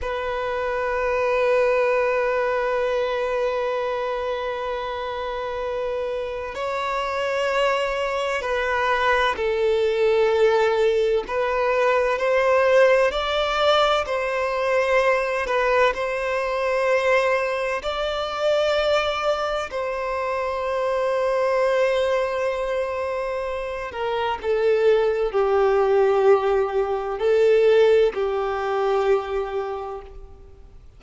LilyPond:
\new Staff \with { instrumentName = "violin" } { \time 4/4 \tempo 4 = 64 b'1~ | b'2. cis''4~ | cis''4 b'4 a'2 | b'4 c''4 d''4 c''4~ |
c''8 b'8 c''2 d''4~ | d''4 c''2.~ | c''4. ais'8 a'4 g'4~ | g'4 a'4 g'2 | }